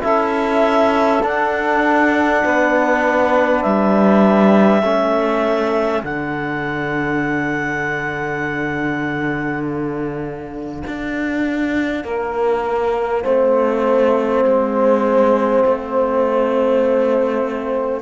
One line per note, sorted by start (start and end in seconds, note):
0.00 1.23 C#4
0.00 1.20 E4
0.00 2.42 A4
0.00 1.23 E5
1.22 4.82 D4
1.22 2.43 D4
1.22 3.62 F#5
2.43 3.64 B3
2.43 4.81 B4
3.62 4.83 G3
3.62 6.02 E5
4.81 6.03 A3
4.81 6.04 C#4
4.81 12.01 A4
6.03 10.83 D3
6.03 13.24 D4
6.03 9.63 F#5
9.63 18.02 F5
10.87 12.04 D4
12.04 13.24 A#3
12.04 13.22 A#4
13.22 14.44 A3
13.22 18.02 C4
13.22 18.02 C5
14.44 15.64 G#3
15.65 18.02 A3